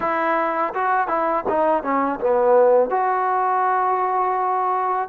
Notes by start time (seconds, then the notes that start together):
0.00 E4
0.74 F#4
1.07 E4
1.48 D#4
1.83 C#4
2.20 B3
2.90 F#4